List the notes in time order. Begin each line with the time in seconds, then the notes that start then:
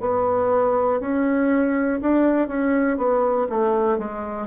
0.00 B3
1.00 C#4
2.01 D4
2.47 C#4
2.97 B3
3.49 A3
3.98 G#3